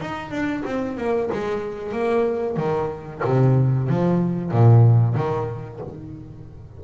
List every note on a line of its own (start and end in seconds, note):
0.00 0.30 D#4
0.30 0.63 D4
0.65 0.97 C4
0.97 1.29 A#3
1.32 1.92 G#3
1.92 2.56 A#3
2.56 3.21 D#3
3.24 3.89 C3
3.89 4.51 F3
4.51 5.15 A#2
5.15 5.79 D#3